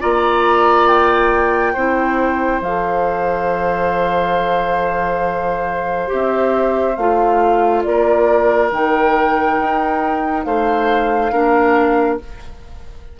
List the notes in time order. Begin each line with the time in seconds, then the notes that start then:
0.00 A#3 F4 D5 A#5
0.87 G5
1.73 C4 E4 C5
2.61 F3 A4 F5
6.07 C4 G4 E5
6.95 A3 F4 F5
7.83 A#3 A#4 D5
8.71 D#3 D#4 G5
9.59 D#4
10.44 A3 C5 F5
11.32 A#3 D4 A#4